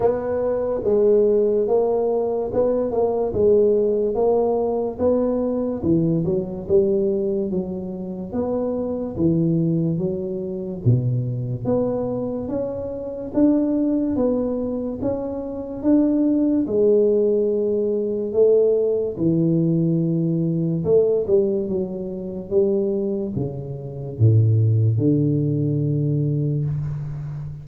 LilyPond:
\new Staff \with { instrumentName = "tuba" } { \time 4/4 \tempo 4 = 72 b4 gis4 ais4 b8 ais8 | gis4 ais4 b4 e8 fis8 | g4 fis4 b4 e4 | fis4 b,4 b4 cis'4 |
d'4 b4 cis'4 d'4 | gis2 a4 e4~ | e4 a8 g8 fis4 g4 | cis4 a,4 d2 | }